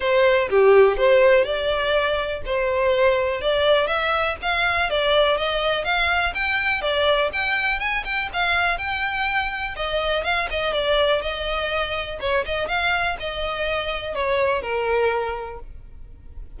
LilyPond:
\new Staff \with { instrumentName = "violin" } { \time 4/4 \tempo 4 = 123 c''4 g'4 c''4 d''4~ | d''4 c''2 d''4 | e''4 f''4 d''4 dis''4 | f''4 g''4 d''4 g''4 |
gis''8 g''8 f''4 g''2 | dis''4 f''8 dis''8 d''4 dis''4~ | dis''4 cis''8 dis''8 f''4 dis''4~ | dis''4 cis''4 ais'2 | }